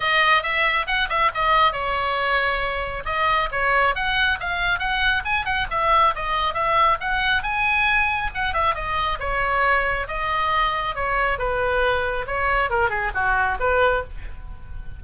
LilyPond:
\new Staff \with { instrumentName = "oboe" } { \time 4/4 \tempo 4 = 137 dis''4 e''4 fis''8 e''8 dis''4 | cis''2. dis''4 | cis''4 fis''4 f''4 fis''4 | gis''8 fis''8 e''4 dis''4 e''4 |
fis''4 gis''2 fis''8 e''8 | dis''4 cis''2 dis''4~ | dis''4 cis''4 b'2 | cis''4 ais'8 gis'8 fis'4 b'4 | }